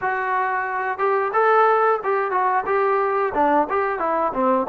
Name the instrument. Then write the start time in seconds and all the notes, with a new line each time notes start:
trombone
0.01 F#4
0.98 G4
1.33 A4
2.03 G4
2.31 F#4
2.65 G4
3.34 D4
3.69 G4
3.98 E4
4.33 C4